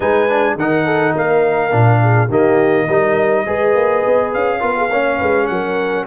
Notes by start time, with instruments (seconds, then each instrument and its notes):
0.00 tuba G#3, trombone D#4, horn B4, trumpet G#5
0.29 trombone D4
0.55 tuba D#3, trombone D#4, horn A#4, trumpet F#5
0.85 horn A4
1.13 tuba A#3, horn A#4, trumpet F5
1.70 tuba A#2, trombone D4
2.03 horn G#4
2.28 tuba D#3, trombone A#3, horn G4, trumpet D#5
2.87 tuba G3, trombone D#4, horn A#4
3.45 tuba G#3, trombone G#4, horn B4
3.75 tuba A#3
4.05 tuba B3
4.33 tuba C#4, trumpet F5
4.60 tuba B3, trombone F4, horn A#4
4.77 horn G#4
4.90 tuba A#3, trombone C#4, horn C#5
5.18 tuba G#3, horn B4
5.47 tuba F#3, horn A#4, trumpet F#5